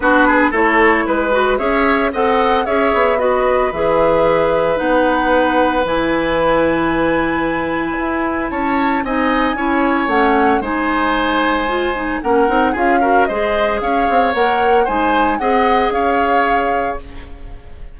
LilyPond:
<<
  \new Staff \with { instrumentName = "flute" } { \time 4/4 \tempo 4 = 113 b'4 cis''4 b'4 e''4 | fis''4 e''4 dis''4 e''4~ | e''4 fis''2 gis''4~ | gis''1 |
a''4 gis''2 fis''4 | gis''2. fis''4 | f''4 dis''4 f''4 fis''4 | gis''4 fis''4 f''2 | }
  \new Staff \with { instrumentName = "oboe" } { \time 4/4 fis'8 gis'8 a'4 b'4 cis''4 | dis''4 cis''4 b'2~ | b'1~ | b'1 |
cis''4 dis''4 cis''2 | c''2. ais'4 | gis'8 ais'8 c''4 cis''2 | c''4 dis''4 cis''2 | }
  \new Staff \with { instrumentName = "clarinet" } { \time 4/4 d'4 e'4. fis'8 gis'4 | a'4 gis'4 fis'4 gis'4~ | gis'4 dis'2 e'4~ | e'1~ |
e'4 dis'4 e'4 cis'4 | dis'2 f'8 dis'8 cis'8 dis'8 | f'8 fis'8 gis'2 ais'4 | dis'4 gis'2. | }
  \new Staff \with { instrumentName = "bassoon" } { \time 4/4 b4 a4 gis4 cis'4 | c'4 cis'8 b4. e4~ | e4 b2 e4~ | e2. e'4 |
cis'4 c'4 cis'4 a4 | gis2. ais8 c'8 | cis'4 gis4 cis'8 c'8 ais4 | gis4 c'4 cis'2 | }
>>